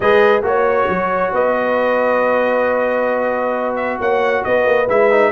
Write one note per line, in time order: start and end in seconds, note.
0.00 0.42 G#3
0.00 0.43 G#4
0.00 0.45 B4
0.00 0.43 D#5
0.42 0.87 A#3
0.42 4.87 F#4
0.42 1.34 C#5
0.42 1.32 C#5
0.88 1.32 F#3
1.32 3.99 B3
1.32 3.99 B4
1.32 3.75 D#5
3.75 3.98 E5
4.00 4.44 A#3
4.00 4.44 C#5
4.00 4.43 F#5
4.43 4.65 B3
4.43 5.31 B4
4.43 4.88 D#5
4.65 4.87 A#3
4.88 5.31 G#3
4.88 5.11 E4
4.88 5.31 E5
5.11 5.31 D#4